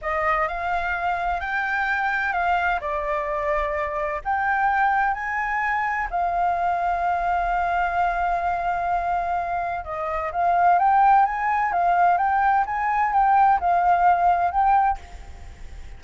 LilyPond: \new Staff \with { instrumentName = "flute" } { \time 4/4 \tempo 4 = 128 dis''4 f''2 g''4~ | g''4 f''4 d''2~ | d''4 g''2 gis''4~ | gis''4 f''2.~ |
f''1~ | f''4 dis''4 f''4 g''4 | gis''4 f''4 g''4 gis''4 | g''4 f''2 g''4 | }